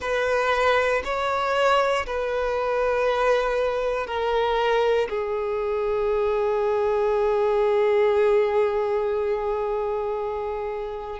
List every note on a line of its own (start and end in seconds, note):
0.00 1.02 B4
1.04 2.06 C#5
2.06 4.06 B4
4.06 5.08 A#4
5.09 11.19 G#4